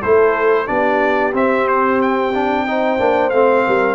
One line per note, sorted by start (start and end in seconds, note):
0.00 0.68 A3
0.00 0.66 E4
0.00 0.66 A4
0.00 0.67 C5
0.66 1.34 B3
0.66 1.32 D4
0.66 2.66 G4
0.66 1.33 D5
1.34 2.98 C4
1.34 2.33 C4
1.34 1.68 E5
1.68 2.01 C5
2.02 3.30 G5
2.34 2.67 D4
2.67 2.98 D#4
2.67 3.66 C5
2.98 3.32 A#3
2.98 3.31 D4
3.30 3.65 A3
3.30 3.94 C4
3.30 3.94 F5
3.66 3.94 G3
3.66 3.94 A#4